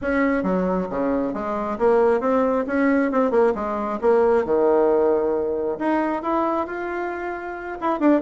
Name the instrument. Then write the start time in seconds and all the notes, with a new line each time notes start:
bassoon
0.01 C#4
0.43 F#3
0.90 C#3
1.33 G#3
1.78 A#3
2.20 C4
2.67 C#4
3.11 C4
3.31 A#3
3.55 G#3
4.01 A#3
4.44 D#3
5.78 D#4
6.22 E4
6.66 F4
7.80 E4
7.99 D4